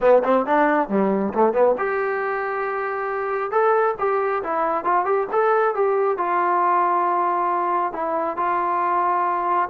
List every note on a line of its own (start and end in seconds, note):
0.00 0.22 B3
0.24 0.46 C4
0.46 0.88 D4
0.88 1.33 G3
1.34 1.53 A3
1.53 1.75 B3
1.78 3.51 G4
3.51 3.95 A4
3.98 4.42 G4
4.43 4.84 E4
4.84 5.05 F4
5.05 5.27 G4
5.32 5.75 A4
5.75 6.17 G4
6.17 7.92 F4
7.92 8.36 E4
8.36 9.69 F4